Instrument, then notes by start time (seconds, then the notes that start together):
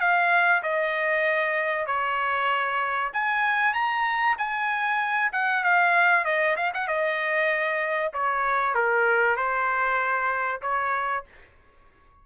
trumpet
0.00 F5
0.63 D#5
1.87 C#5
3.13 G#5
3.74 A#5
4.38 G#5
5.32 F#5
5.64 F5
6.25 D#5
6.57 F5
6.74 F#5
6.88 D#5
8.13 C#5
8.74 A#4
9.36 C5
10.62 C#5